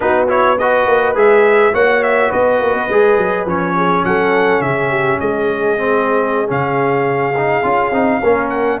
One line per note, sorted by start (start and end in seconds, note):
0.00 0.87 B3
0.00 0.27 D#4
0.00 0.59 F#4
0.00 0.28 B4
0.28 0.57 E4
0.28 0.58 C#5
0.58 1.15 F#4
0.58 1.73 B4
0.58 1.16 D#5
0.87 1.15 A#3
1.15 1.73 G#3
1.15 1.72 G#4
1.15 1.74 E5
1.73 2.31 A#3
1.73 2.88 F#4
1.73 2.29 C#5
1.73 2.02 F#5
2.02 2.31 E5
2.29 2.60 B3
2.29 3.74 B4
2.29 3.47 D#5
2.60 2.74 A#3
2.74 2.88 B3
2.89 3.17 G#3
2.89 3.47 G#4
3.17 3.45 F#3
3.45 4.03 F3
3.45 5.78 C#4
3.45 4.04 C#5
3.75 4.04 G#4
4.04 4.60 F#3
4.04 4.63 A4
4.04 4.61 F#5
4.60 5.18 C#3
4.60 4.89 G#4
4.60 5.19 E5
4.89 5.18 G4
5.19 6.50 G#3
5.19 8.22 G#4
5.19 6.49 D#5
5.78 6.47 C4
6.47 7.63 C#3
6.47 7.33 C#4
6.47 8.49 F5
7.37 7.62 D#4
7.62 7.90 C#4
7.62 7.91 F4
7.90 8.19 C4
7.90 8.21 D#4
8.22 8.80 A#3
8.22 8.80 C#4
8.22 8.79 A#4
8.49 8.78 F#5